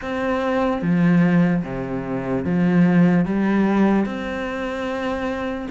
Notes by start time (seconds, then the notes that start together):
0.01 C4
0.82 F3
1.63 C3
2.44 F3
3.25 G3
4.05 C4